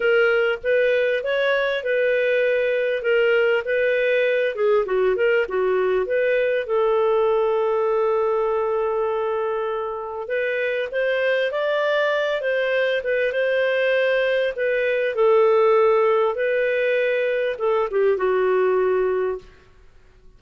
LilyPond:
\new Staff \with { instrumentName = "clarinet" } { \time 4/4 \tempo 4 = 99 ais'4 b'4 cis''4 b'4~ | b'4 ais'4 b'4. gis'8 | fis'8 ais'8 fis'4 b'4 a'4~ | a'1~ |
a'4 b'4 c''4 d''4~ | d''8 c''4 b'8 c''2 | b'4 a'2 b'4~ | b'4 a'8 g'8 fis'2 | }